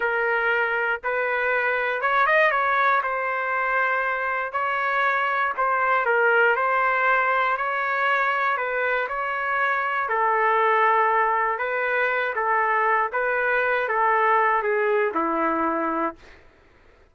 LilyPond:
\new Staff \with { instrumentName = "trumpet" } { \time 4/4 \tempo 4 = 119 ais'2 b'2 | cis''8 dis''8 cis''4 c''2~ | c''4 cis''2 c''4 | ais'4 c''2 cis''4~ |
cis''4 b'4 cis''2 | a'2. b'4~ | b'8 a'4. b'4. a'8~ | a'4 gis'4 e'2 | }